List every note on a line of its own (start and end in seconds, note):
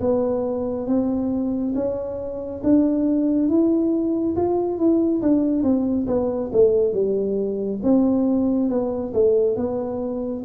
0.00 0.87 B3
0.87 1.74 C4
1.75 2.62 C#4
2.63 3.49 D4
3.49 4.36 E4
4.36 4.78 F4
4.78 5.21 E4
5.22 5.63 D4
5.63 6.06 C4
6.07 6.50 B3
6.52 6.93 A3
6.93 7.80 G3
7.83 8.69 C4
8.69 9.13 B3
9.13 9.56 A3
9.56 10.43 B3